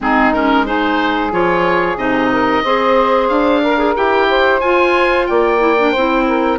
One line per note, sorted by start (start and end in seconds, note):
0.00 1.32 G#3
0.00 0.33 C4
0.00 0.65 D#4
0.00 0.33 G#4
0.33 0.66 C#4
0.33 0.66 A#4
0.65 1.31 D#4
0.65 2.30 G#4
0.65 1.32 C5
1.31 1.96 F3
1.31 1.97 F4
1.31 1.97 C#5
1.96 2.62 C3
1.96 2.63 D#4
1.96 3.28 D#5
2.31 2.63 A#4
2.63 3.29 C4
2.63 3.64 G#4
2.63 3.61 C5
3.28 3.95 D4
3.28 3.94 F5
3.61 4.27 A#4
3.61 3.78 A#4
3.78 3.95 G#4
3.95 4.61 E4
3.95 4.61 G4
3.95 4.60 G5
4.29 5.28 C5
4.60 5.27 F4
4.60 5.58 F4
4.60 5.26 G#5
5.26 5.95 A#3
5.26 5.90 D5
5.26 6.58 G5
5.58 5.75 E4
5.78 5.95 D4
5.90 6.58 C4
5.90 6.23 C5
5.97 6.58 E4
6.27 6.58 A#4